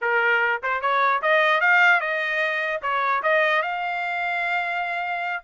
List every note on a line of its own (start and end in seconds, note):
0.01 0.61 A#4
0.62 0.81 C5
0.81 1.21 C#5
1.22 1.61 D#5
1.61 2.00 F5
2.00 2.81 D#5
2.82 3.22 C#5
3.22 3.62 D#5
3.62 5.43 F5